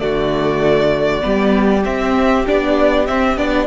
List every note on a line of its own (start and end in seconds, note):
0.00 1.22 D3
0.00 1.22 A3
0.00 1.25 F#4
0.00 1.84 D5
1.22 1.86 G3
1.22 1.83 B3
1.22 3.67 G4
1.85 2.46 C4
1.85 2.48 C4
1.85 2.46 E5
2.47 3.09 B3
2.47 3.08 D4
2.47 3.07 D5
3.07 3.38 C4
3.07 3.38 E5
3.38 3.67 B3
3.38 3.67 D4
3.38 3.67 D5